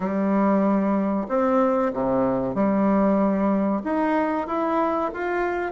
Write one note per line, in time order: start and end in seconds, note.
0.00 1.27 G3
1.28 1.92 C4
1.93 2.54 C3
2.54 3.82 G3
3.84 4.47 D#4
4.47 5.11 E4
5.13 5.72 F4